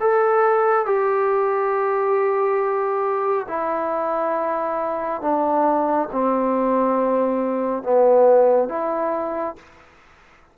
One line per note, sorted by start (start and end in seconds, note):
0.00 0.86 A4
0.86 3.47 G4
3.48 5.22 E4
5.22 6.09 D4
6.12 7.83 C4
7.83 8.69 B3
8.69 9.56 E4